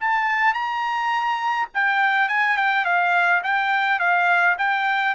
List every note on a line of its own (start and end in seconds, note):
0.00 0.54 A5
0.54 1.68 A#5
1.74 2.29 G5
2.29 2.57 G#5
2.57 2.85 G5
2.85 3.42 F5
3.43 3.99 G5
3.99 4.56 F5
4.58 5.15 G5